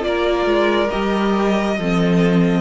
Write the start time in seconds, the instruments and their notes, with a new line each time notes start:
0.00 cello A#3, viola F4, violin D5
0.07 violin A#4
0.46 cello G#3
0.90 cello G3, viola G4, violin D#5
1.77 cello F3, viola C4, violin A4